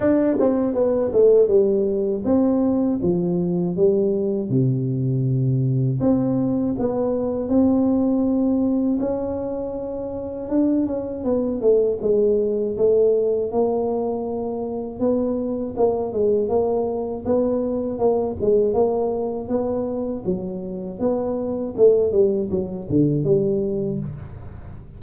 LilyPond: \new Staff \with { instrumentName = "tuba" } { \time 4/4 \tempo 4 = 80 d'8 c'8 b8 a8 g4 c'4 | f4 g4 c2 | c'4 b4 c'2 | cis'2 d'8 cis'8 b8 a8 |
gis4 a4 ais2 | b4 ais8 gis8 ais4 b4 | ais8 gis8 ais4 b4 fis4 | b4 a8 g8 fis8 d8 g4 | }